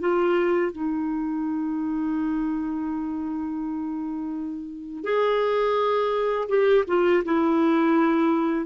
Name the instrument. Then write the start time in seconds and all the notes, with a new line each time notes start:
clarinet
0.00 F4
0.72 D#4
5.04 G#4
6.49 G4
6.87 F4
7.25 E4